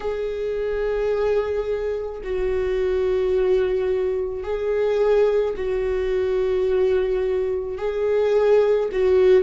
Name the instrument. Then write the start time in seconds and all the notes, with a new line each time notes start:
viola
0.00 G#4
2.23 F#4
4.43 G#4
5.56 F#4
7.78 G#4
8.91 F#4